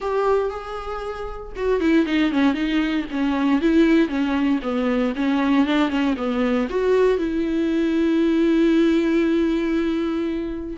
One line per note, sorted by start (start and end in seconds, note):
0.00 0.50 G4
0.50 1.52 G#4
1.56 1.80 F#4
1.80 2.05 E4
2.06 2.31 D#4
2.31 2.53 C#4
2.53 3.05 D#4
3.10 3.61 C#4
3.61 4.08 E4
4.08 4.59 C#4
4.62 5.13 B3
5.15 5.66 C#4
5.66 5.89 D4
5.89 6.14 C#4
6.16 6.68 B3
6.69 7.17 F#4
7.17 10.76 E4